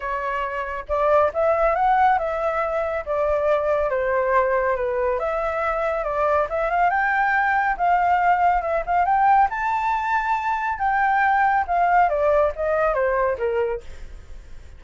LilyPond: \new Staff \with { instrumentName = "flute" } { \time 4/4 \tempo 4 = 139 cis''2 d''4 e''4 | fis''4 e''2 d''4~ | d''4 c''2 b'4 | e''2 d''4 e''8 f''8 |
g''2 f''2 | e''8 f''8 g''4 a''2~ | a''4 g''2 f''4 | d''4 dis''4 c''4 ais'4 | }